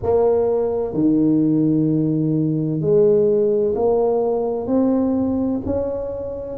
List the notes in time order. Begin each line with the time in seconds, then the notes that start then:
0.03 A#3
0.93 D#3
2.80 G#3
3.75 A#3
4.66 C4
5.65 C#4